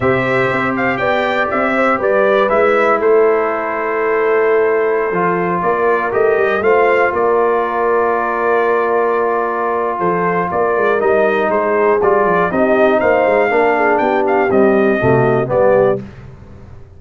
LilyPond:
<<
  \new Staff \with { instrumentName = "trumpet" } { \time 4/4 \tempo 4 = 120 e''4. f''8 g''4 e''4 | d''4 e''4 c''2~ | c''2.~ c''16 d''8.~ | d''16 dis''4 f''4 d''4.~ d''16~ |
d''1 | c''4 d''4 dis''4 c''4 | d''4 dis''4 f''2 | g''8 f''8 dis''2 d''4 | }
  \new Staff \with { instrumentName = "horn" } { \time 4/4 c''2 d''4. c''8 | b'2 a'2~ | a'2.~ a'16 ais'8.~ | ais'4~ ais'16 c''4 ais'4.~ ais'16~ |
ais'1 | a'4 ais'2 gis'4~ | gis'4 g'4 c''4 ais'8 gis'8 | g'2 fis'4 g'4 | }
  \new Staff \with { instrumentName = "trombone" } { \time 4/4 g'1~ | g'4 e'2.~ | e'2~ e'16 f'4.~ f'16~ | f'16 g'4 f'2~ f'8.~ |
f'1~ | f'2 dis'2 | f'4 dis'2 d'4~ | d'4 g4 a4 b4 | }
  \new Staff \with { instrumentName = "tuba" } { \time 4/4 c4 c'4 b4 c'4 | g4 gis4 a2~ | a2~ a16 f4 ais8.~ | ais16 a8 g8 a4 ais4.~ ais16~ |
ais1 | f4 ais8 gis8 g4 gis4 | g8 f8 c'4 ais8 gis8 ais4 | b4 c'4 c4 g4 | }
>>